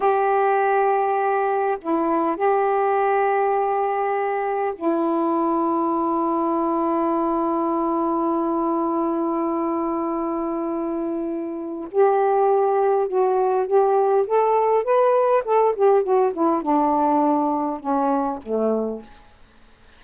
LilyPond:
\new Staff \with { instrumentName = "saxophone" } { \time 4/4 \tempo 4 = 101 g'2. e'4 | g'1 | e'1~ | e'1~ |
e'1 | g'2 fis'4 g'4 | a'4 b'4 a'8 g'8 fis'8 e'8 | d'2 cis'4 a4 | }